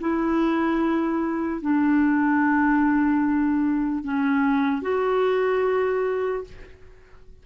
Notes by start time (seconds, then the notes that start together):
0.00 E4
1.61 D4
4.04 C#4
4.82 F#4